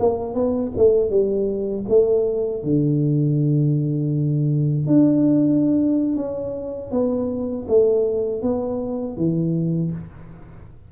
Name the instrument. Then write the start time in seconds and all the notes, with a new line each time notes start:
tuba
0.00 A#3
0.35 B3
0.77 A3
1.10 G3
1.89 A3
2.63 D3
4.87 D4
6.16 C#4
6.92 B3
7.68 A3
8.42 B3
9.17 E3